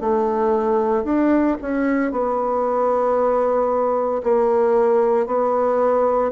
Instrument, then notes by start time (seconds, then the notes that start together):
bassoon
0.00 A3
1.04 D4
1.61 C#4
2.11 B3
4.23 A#3
5.26 B3